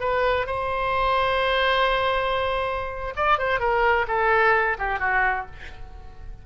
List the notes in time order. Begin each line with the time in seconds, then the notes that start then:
0.00 B4
0.46 C5
3.16 D5
3.38 C5
3.59 A#4
4.08 A4
4.78 G4
4.99 F#4